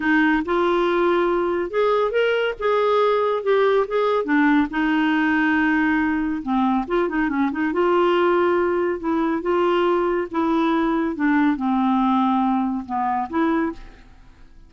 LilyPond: \new Staff \with { instrumentName = "clarinet" } { \time 4/4 \tempo 4 = 140 dis'4 f'2. | gis'4 ais'4 gis'2 | g'4 gis'4 d'4 dis'4~ | dis'2. c'4 |
f'8 dis'8 cis'8 dis'8 f'2~ | f'4 e'4 f'2 | e'2 d'4 c'4~ | c'2 b4 e'4 | }